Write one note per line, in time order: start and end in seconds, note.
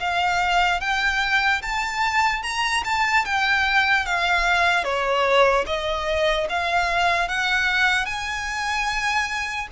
0.00 0.81 F5
0.81 1.62 G5
1.62 2.43 A5
2.43 2.83 A#5
2.85 3.25 A5
3.26 4.06 G5
4.06 4.84 F5
4.84 5.65 C#5
5.66 6.48 D#5
6.49 7.29 F5
7.29 8.06 F#5
8.06 9.68 G#5